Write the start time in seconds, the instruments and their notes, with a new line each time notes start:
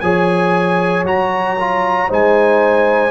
0.00 tuba F3, trombone G#4, horn C#5, trumpet G#5
1.04 tuba F#3, trombone F#4, trumpet A#5
1.59 trombone F4
2.08 tuba G#3, trombone D#4, horn C5, trumpet G#5